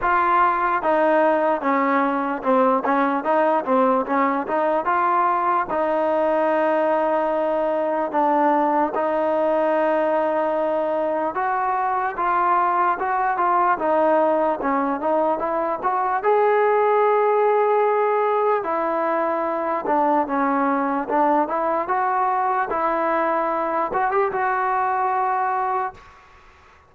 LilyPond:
\new Staff \with { instrumentName = "trombone" } { \time 4/4 \tempo 4 = 74 f'4 dis'4 cis'4 c'8 cis'8 | dis'8 c'8 cis'8 dis'8 f'4 dis'4~ | dis'2 d'4 dis'4~ | dis'2 fis'4 f'4 |
fis'8 f'8 dis'4 cis'8 dis'8 e'8 fis'8 | gis'2. e'4~ | e'8 d'8 cis'4 d'8 e'8 fis'4 | e'4. fis'16 g'16 fis'2 | }